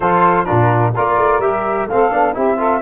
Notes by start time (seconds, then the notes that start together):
0.00 F3 F4 A4 C5
0.44 D4 F4 A#4
0.50 A#2
0.94 A#3 F4 A#4 D5
1.17 A3
1.38 G3 G4 E5
1.86 A3 C4 A4 F5
2.10 B3 D4
2.34 C4 E4 G4 E5
2.57 F4 A4